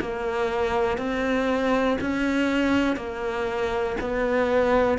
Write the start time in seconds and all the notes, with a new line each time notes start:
0.00 A#3
0.98 C4
2.01 C#4
2.96 A#3
4.00 B3